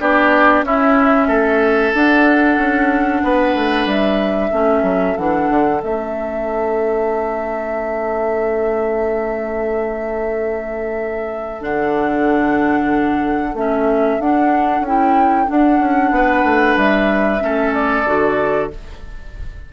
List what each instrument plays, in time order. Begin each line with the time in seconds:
0.00 bassoon B3, clarinet D4, oboe G4, flute D5
0.63 bassoon C#4, clarinet C#4, oboe E4, flute E5
1.27 bassoon A3, oboe A4
1.94 bassoon D4, clarinet D4, flute F#5
2.58 bassoon C#4
3.23 bassoon B3, oboe B4
3.55 bassoon A3
3.85 bassoon G3, flute E5
4.50 bassoon A3, clarinet C#4, oboe A4
4.82 bassoon F#3
5.17 bassoon E3, clarinet D4, flute F#5
5.49 bassoon D3
5.81 bassoon A3, clarinet C#4, flute E5
11.60 bassoon D3, clarinet D4, flute F#5
13.53 bassoon A3, clarinet C#4, flute E5
14.19 bassoon D4, clarinet D4, flute F#5
14.81 bassoon C#4, clarinet E4, flute G5
15.47 clarinet D4, bassoon D4, flute F#5
15.79 bassoon C#4
16.11 bassoon B3, oboe B4
16.44 bassoon A3
16.76 bassoon G3, flute E5
17.40 bassoon A3, clarinet C#4, oboe A4
17.73 flute D5
18.06 bassoon D3, clarinet F#4